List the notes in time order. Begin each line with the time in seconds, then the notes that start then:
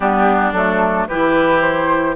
0.00 G3 B3 D4 G4
0.52 F#3 A3 A4
1.07 E3 E4 G4 B4
1.61 C5